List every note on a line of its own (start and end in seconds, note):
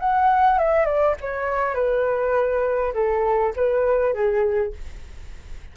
0.00 0.59 F#5
0.59 0.86 E5
0.86 1.15 D5
1.21 1.75 C#5
1.75 2.94 B4
2.94 3.53 A4
3.56 4.14 B4
4.14 4.73 G#4